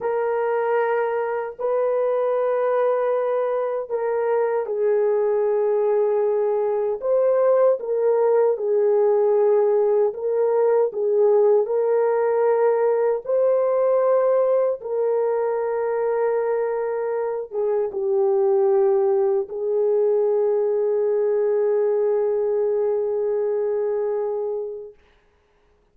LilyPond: \new Staff \with { instrumentName = "horn" } { \time 4/4 \tempo 4 = 77 ais'2 b'2~ | b'4 ais'4 gis'2~ | gis'4 c''4 ais'4 gis'4~ | gis'4 ais'4 gis'4 ais'4~ |
ais'4 c''2 ais'4~ | ais'2~ ais'8 gis'8 g'4~ | g'4 gis'2.~ | gis'1 | }